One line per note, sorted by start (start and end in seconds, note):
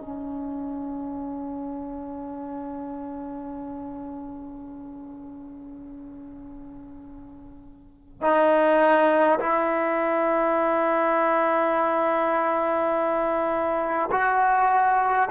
0.00 8.21 C#4
8.21 9.39 D#4
9.39 14.10 E4
14.11 15.29 F#4